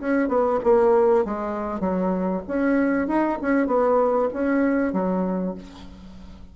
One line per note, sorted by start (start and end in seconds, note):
0.00 0.29 C#4
0.29 0.60 B3
0.64 1.25 A#3
1.25 1.81 G#3
1.81 2.42 F#3
2.48 3.08 C#4
3.08 3.39 D#4
3.42 3.67 C#4
3.67 4.29 B3
4.34 4.93 C#4
4.93 5.55 F#3